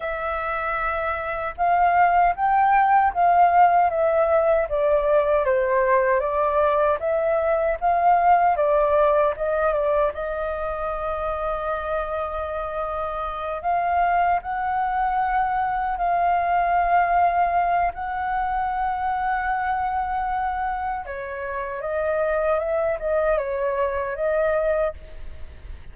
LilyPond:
\new Staff \with { instrumentName = "flute" } { \time 4/4 \tempo 4 = 77 e''2 f''4 g''4 | f''4 e''4 d''4 c''4 | d''4 e''4 f''4 d''4 | dis''8 d''8 dis''2.~ |
dis''4. f''4 fis''4.~ | fis''8 f''2~ f''8 fis''4~ | fis''2. cis''4 | dis''4 e''8 dis''8 cis''4 dis''4 | }